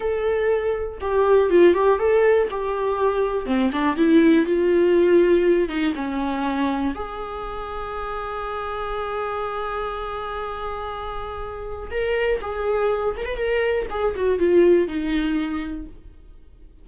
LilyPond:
\new Staff \with { instrumentName = "viola" } { \time 4/4 \tempo 4 = 121 a'2 g'4 f'8 g'8 | a'4 g'2 c'8 d'8 | e'4 f'2~ f'8 dis'8 | cis'2 gis'2~ |
gis'1~ | gis'1 | ais'4 gis'4. ais'16 b'16 ais'4 | gis'8 fis'8 f'4 dis'2 | }